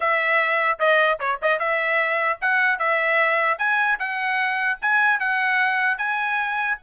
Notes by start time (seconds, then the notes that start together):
0.00 E5
0.79 D#5
1.19 C#5
1.41 D#5
1.59 E5
2.41 F#5
2.79 E5
3.58 G#5
3.99 F#5
4.81 G#5
5.19 F#5
5.97 G#5